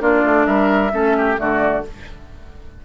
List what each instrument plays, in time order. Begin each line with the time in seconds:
0.00 bassoon A#3, clarinet D4, oboe F4, flute D5
0.24 bassoon A3
0.47 bassoon G3, oboe A#4, flute E5
0.92 bassoon A3, clarinet C#4, oboe A4
1.18 oboe G4
1.36 bassoon D3, clarinet A3, oboe F#4, flute D5